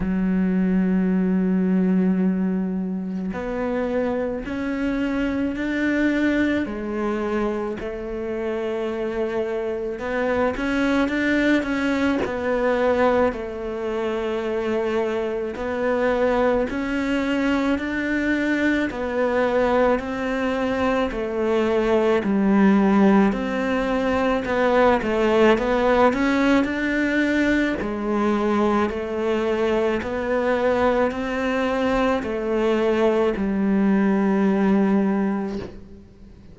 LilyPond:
\new Staff \with { instrumentName = "cello" } { \time 4/4 \tempo 4 = 54 fis2. b4 | cis'4 d'4 gis4 a4~ | a4 b8 cis'8 d'8 cis'8 b4 | a2 b4 cis'4 |
d'4 b4 c'4 a4 | g4 c'4 b8 a8 b8 cis'8 | d'4 gis4 a4 b4 | c'4 a4 g2 | }